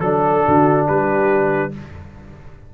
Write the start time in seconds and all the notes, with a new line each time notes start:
0.00 F#3 D4 A4
0.45 D3 F#4
0.87 G3 G4 B4